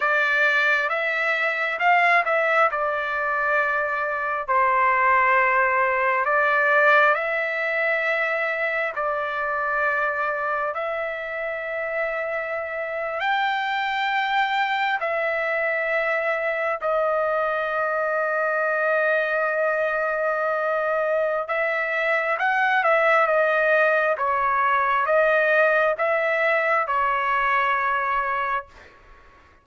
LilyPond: \new Staff \with { instrumentName = "trumpet" } { \time 4/4 \tempo 4 = 67 d''4 e''4 f''8 e''8 d''4~ | d''4 c''2 d''4 | e''2 d''2 | e''2~ e''8. g''4~ g''16~ |
g''8. e''2 dis''4~ dis''16~ | dis''1 | e''4 fis''8 e''8 dis''4 cis''4 | dis''4 e''4 cis''2 | }